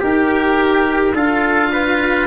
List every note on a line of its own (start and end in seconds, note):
0.00 1.14 D#4
0.00 1.13 G4
0.00 1.16 A#4
1.14 2.27 D4
1.14 2.27 F4
1.14 1.71 A4
1.14 2.27 F5
1.73 2.27 B4